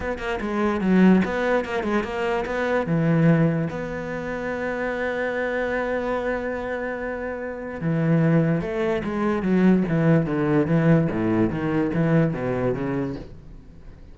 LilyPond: \new Staff \with { instrumentName = "cello" } { \time 4/4 \tempo 4 = 146 b8 ais8 gis4 fis4 b4 | ais8 gis8 ais4 b4 e4~ | e4 b2.~ | b1~ |
b2. e4~ | e4 a4 gis4 fis4 | e4 d4 e4 a,4 | dis4 e4 b,4 cis4 | }